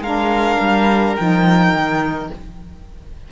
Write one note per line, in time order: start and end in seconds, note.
0.00 0.57 G#3
0.00 1.17 D4
0.00 2.30 A#4
0.00 1.16 F5
0.60 1.17 G3
1.16 1.73 F3
1.16 2.31 D#4
1.16 2.29 G5
1.73 2.30 D#3